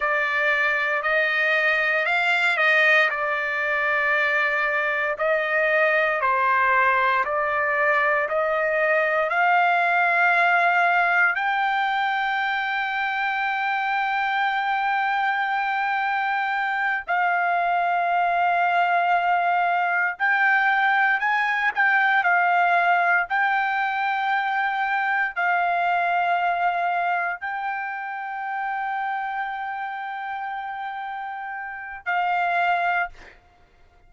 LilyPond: \new Staff \with { instrumentName = "trumpet" } { \time 4/4 \tempo 4 = 58 d''4 dis''4 f''8 dis''8 d''4~ | d''4 dis''4 c''4 d''4 | dis''4 f''2 g''4~ | g''1~ |
g''8 f''2. g''8~ | g''8 gis''8 g''8 f''4 g''4.~ | g''8 f''2 g''4.~ | g''2. f''4 | }